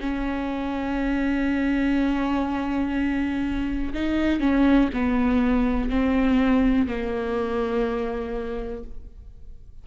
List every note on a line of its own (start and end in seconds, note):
0.00 3.93 C#4
3.93 4.40 D#4
4.40 4.89 C#4
4.93 5.90 B3
5.90 6.87 C4
6.87 8.84 A#3